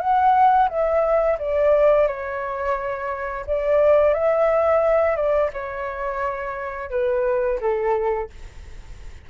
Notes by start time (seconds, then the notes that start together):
0.00 F#5
0.69 E5
1.39 D5
2.08 C#5
3.47 D5
4.14 E5
5.16 D5
5.53 C#5
6.91 B4
7.61 A4